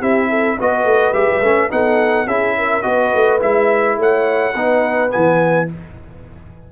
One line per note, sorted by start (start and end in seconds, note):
0.00 0.58 C4
0.00 0.58 E4
0.00 0.28 G4
0.00 0.59 E5
0.29 0.58 A4
0.59 0.84 B3
0.59 1.14 F#4
0.59 1.72 B4
0.59 1.13 D#5
0.84 1.13 A3
1.13 1.27 G#3
1.13 1.42 G4
1.13 1.70 E5
1.29 1.40 G3
1.40 1.68 A3
1.40 1.70 C#4
1.70 2.27 B3
1.70 2.27 D#4
1.70 2.27 A4
1.70 2.27 F#5
2.27 2.83 C#4
2.27 2.83 E4
2.27 2.55 G#4
2.27 2.82 E5
2.58 2.84 A#4
2.82 3.13 B3
2.82 3.39 F#4
2.82 3.98 B4
2.82 3.39 D#5
3.14 3.42 A3
3.40 3.97 G#3
3.40 4.53 E4
3.40 3.98 E5
3.97 4.54 A3
3.97 4.54 C#5
3.97 5.11 F#5
4.54 5.11 B3
4.54 5.09 D#4
4.54 5.67 B4
5.09 5.66 B3
5.09 5.68 G#5
5.15 5.72 E3